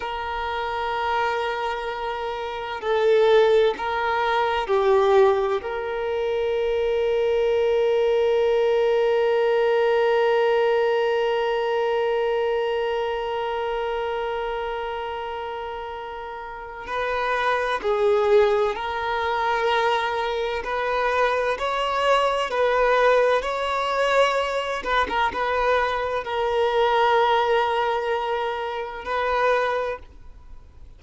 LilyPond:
\new Staff \with { instrumentName = "violin" } { \time 4/4 \tempo 4 = 64 ais'2. a'4 | ais'4 g'4 ais'2~ | ais'1~ | ais'1~ |
ais'2 b'4 gis'4 | ais'2 b'4 cis''4 | b'4 cis''4. b'16 ais'16 b'4 | ais'2. b'4 | }